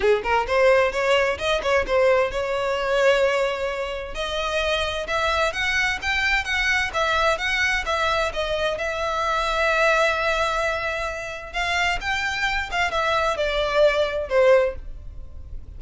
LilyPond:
\new Staff \with { instrumentName = "violin" } { \time 4/4 \tempo 4 = 130 gis'8 ais'8 c''4 cis''4 dis''8 cis''8 | c''4 cis''2.~ | cis''4 dis''2 e''4 | fis''4 g''4 fis''4 e''4 |
fis''4 e''4 dis''4 e''4~ | e''1~ | e''4 f''4 g''4. f''8 | e''4 d''2 c''4 | }